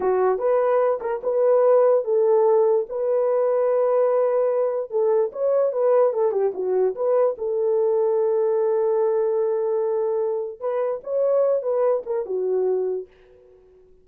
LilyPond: \new Staff \with { instrumentName = "horn" } { \time 4/4 \tempo 4 = 147 fis'4 b'4. ais'8 b'4~ | b'4 a'2 b'4~ | b'1 | a'4 cis''4 b'4 a'8 g'8 |
fis'4 b'4 a'2~ | a'1~ | a'2 b'4 cis''4~ | cis''8 b'4 ais'8 fis'2 | }